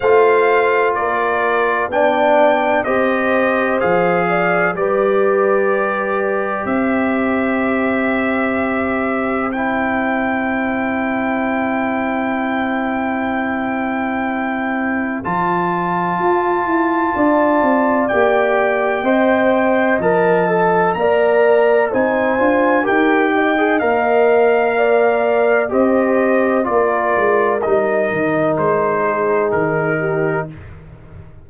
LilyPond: <<
  \new Staff \with { instrumentName = "trumpet" } { \time 4/4 \tempo 4 = 63 f''4 d''4 g''4 dis''4 | f''4 d''2 e''4~ | e''2 g''2~ | g''1 |
a''2. g''4~ | g''4 a''4 ais''4 gis''4 | g''4 f''2 dis''4 | d''4 dis''4 c''4 ais'4 | }
  \new Staff \with { instrumentName = "horn" } { \time 4/4 c''4 ais'4 d''4 c''4~ | c''8 d''8 b'2 c''4~ | c''1~ | c''1~ |
c''2 d''2 | dis''2 d''4 c''4 | ais'8 dis''4. d''4 c''4 | ais'2~ ais'8 gis'4 g'8 | }
  \new Staff \with { instrumentName = "trombone" } { \time 4/4 f'2 d'4 g'4 | gis'4 g'2.~ | g'2 e'2~ | e'1 |
f'2. g'4 | c''4 ais'8 a'8 ais'4 dis'8 f'8 | g'8. gis'16 ais'2 g'4 | f'4 dis'2. | }
  \new Staff \with { instrumentName = "tuba" } { \time 4/4 a4 ais4 b4 c'4 | f4 g2 c'4~ | c'1~ | c'1 |
f4 f'8 e'8 d'8 c'8 ais4 | c'4 f4 ais4 c'8 d'8 | dis'4 ais2 c'4 | ais8 gis8 g8 dis8 gis4 dis4 | }
>>